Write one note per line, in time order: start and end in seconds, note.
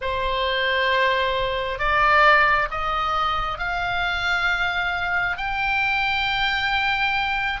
0.01 1.79 C5
1.79 2.68 D5
2.70 3.58 D#5
3.58 5.37 F5
5.37 7.60 G5